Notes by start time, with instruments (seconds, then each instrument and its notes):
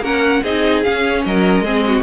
0.00 cello A#3, viola C#4, violin A#4 F#5
0.42 cello C4, viola D#4, violin G#4 D#5
0.83 viola C#4, cello C#4, violin F5
1.25 cello F#3, violin A#4 D#5
1.60 cello G#3, viola C4, violin G#4
1.86 violin F#4